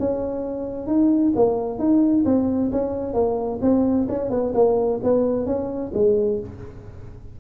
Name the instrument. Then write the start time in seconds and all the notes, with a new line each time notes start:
tuba
0.00 C#4
0.87 D#4
1.36 A#3
1.79 D#4
2.25 C4
2.72 C#4
3.14 A#3
3.62 C4
4.09 C#4
4.31 B3
4.55 A#3
5.04 B3
5.46 C#4
5.94 G#3